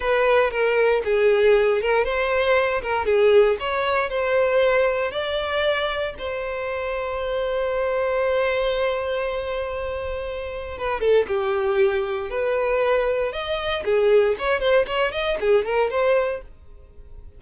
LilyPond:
\new Staff \with { instrumentName = "violin" } { \time 4/4 \tempo 4 = 117 b'4 ais'4 gis'4. ais'8 | c''4. ais'8 gis'4 cis''4 | c''2 d''2 | c''1~ |
c''1~ | c''4 b'8 a'8 g'2 | b'2 dis''4 gis'4 | cis''8 c''8 cis''8 dis''8 gis'8 ais'8 c''4 | }